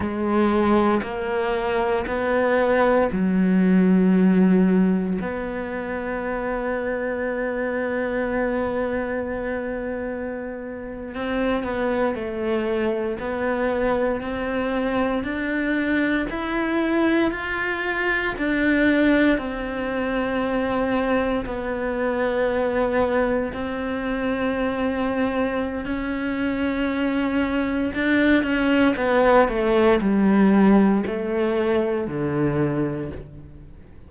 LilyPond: \new Staff \with { instrumentName = "cello" } { \time 4/4 \tempo 4 = 58 gis4 ais4 b4 fis4~ | fis4 b2.~ | b2~ b8. c'8 b8 a16~ | a8. b4 c'4 d'4 e'16~ |
e'8. f'4 d'4 c'4~ c'16~ | c'8. b2 c'4~ c'16~ | c'4 cis'2 d'8 cis'8 | b8 a8 g4 a4 d4 | }